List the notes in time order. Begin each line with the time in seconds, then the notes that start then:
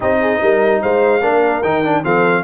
0.00 C4 D#4 G4 D#5
0.20 G#4
0.42 G3 A#4
0.81 G#3 C5 F5
1.21 A#3 D4 A#4
1.62 D#3 D#4 G5
1.84 D4
2.04 F3 C4 A4 F5